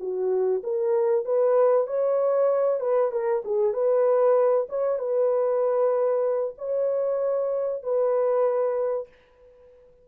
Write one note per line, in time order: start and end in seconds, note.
0.00 0.62 F#4
0.64 1.25 A#4
1.25 1.88 B4
1.88 2.80 C#5
2.80 3.12 B4
3.12 3.43 A#4
3.45 3.74 G#4
3.74 4.67 B4
4.69 4.99 C#5
4.99 6.55 B4
6.58 7.83 C#5
7.83 9.08 B4